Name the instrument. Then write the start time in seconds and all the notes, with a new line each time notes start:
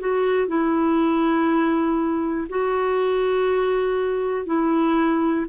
clarinet
0.00 F#4
0.48 E4
2.50 F#4
4.46 E4